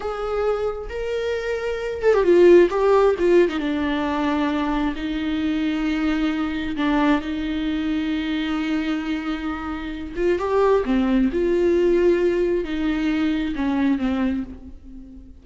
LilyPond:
\new Staff \with { instrumentName = "viola" } { \time 4/4 \tempo 4 = 133 gis'2 ais'2~ | ais'8 a'16 g'16 f'4 g'4 f'8. dis'16 | d'2. dis'4~ | dis'2. d'4 |
dis'1~ | dis'2~ dis'8 f'8 g'4 | c'4 f'2. | dis'2 cis'4 c'4 | }